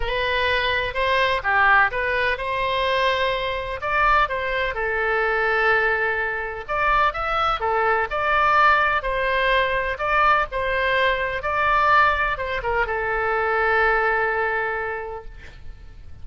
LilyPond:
\new Staff \with { instrumentName = "oboe" } { \time 4/4 \tempo 4 = 126 b'2 c''4 g'4 | b'4 c''2. | d''4 c''4 a'2~ | a'2 d''4 e''4 |
a'4 d''2 c''4~ | c''4 d''4 c''2 | d''2 c''8 ais'8 a'4~ | a'1 | }